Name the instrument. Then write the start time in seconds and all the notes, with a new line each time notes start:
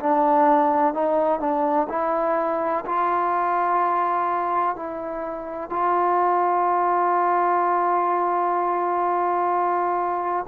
trombone
0.00 D4
0.94 D#4
1.40 D4
1.90 E4
2.86 F4
4.76 E4
5.70 F4